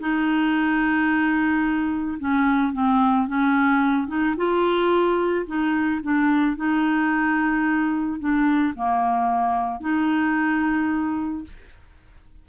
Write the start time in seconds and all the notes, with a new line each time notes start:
0.00 D#4
2.19 C#4
2.73 C4
3.28 C#4
4.08 D#4
4.37 F4
5.46 D#4
6.03 D4
6.57 D#4
8.20 D4
8.75 A#3
9.80 D#4